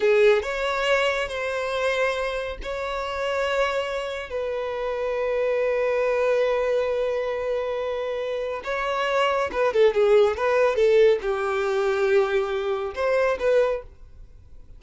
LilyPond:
\new Staff \with { instrumentName = "violin" } { \time 4/4 \tempo 4 = 139 gis'4 cis''2 c''4~ | c''2 cis''2~ | cis''2 b'2~ | b'1~ |
b'1 | cis''2 b'8 a'8 gis'4 | b'4 a'4 g'2~ | g'2 c''4 b'4 | }